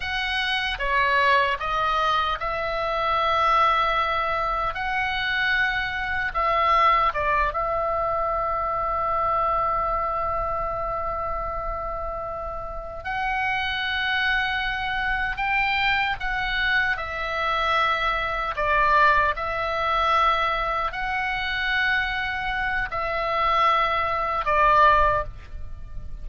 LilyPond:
\new Staff \with { instrumentName = "oboe" } { \time 4/4 \tempo 4 = 76 fis''4 cis''4 dis''4 e''4~ | e''2 fis''2 | e''4 d''8 e''2~ e''8~ | e''1~ |
e''8 fis''2. g''8~ | g''8 fis''4 e''2 d''8~ | d''8 e''2 fis''4.~ | fis''4 e''2 d''4 | }